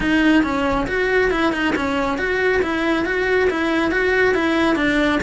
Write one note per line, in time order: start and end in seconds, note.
0.00 0.43 D#4
0.43 0.86 C#4
0.87 1.30 F#4
1.30 1.52 E4
1.52 1.74 D#4
1.75 2.18 C#4
2.18 2.61 F#4
2.62 3.05 E4
3.05 3.48 F#4
3.50 3.91 E4
3.91 4.34 F#4
4.34 4.75 E4
4.75 5.19 D4